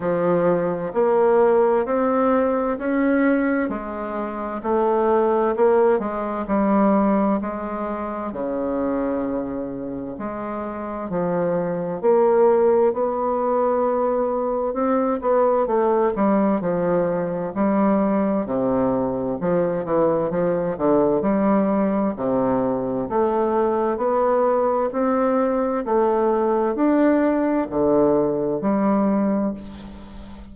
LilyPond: \new Staff \with { instrumentName = "bassoon" } { \time 4/4 \tempo 4 = 65 f4 ais4 c'4 cis'4 | gis4 a4 ais8 gis8 g4 | gis4 cis2 gis4 | f4 ais4 b2 |
c'8 b8 a8 g8 f4 g4 | c4 f8 e8 f8 d8 g4 | c4 a4 b4 c'4 | a4 d'4 d4 g4 | }